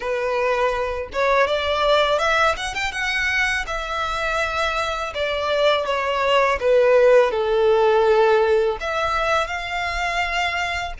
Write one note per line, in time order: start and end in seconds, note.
0.00 1.09 B4
1.12 1.47 C#5
1.47 2.18 D5
2.18 2.55 E5
2.56 2.74 F#5
2.74 2.92 G5
2.92 3.65 F#5
3.66 5.13 E5
5.14 5.85 D5
5.85 6.59 C#5
6.60 7.31 B4
7.31 8.77 A4
8.80 9.47 E5
9.47 10.93 F5